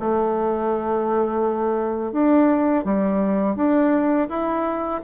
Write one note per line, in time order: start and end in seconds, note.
0.00 2.12 A3
2.12 2.85 D4
2.85 3.56 G3
3.56 4.28 D4
4.29 5.01 E4